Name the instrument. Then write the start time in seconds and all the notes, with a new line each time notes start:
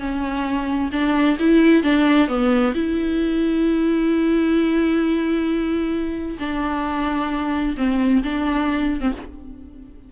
viola
0.00 C#4
0.93 D4
1.40 E4
1.84 D4
2.28 B3
2.75 E4
6.40 D4
7.78 C4
8.24 D4
9.01 C4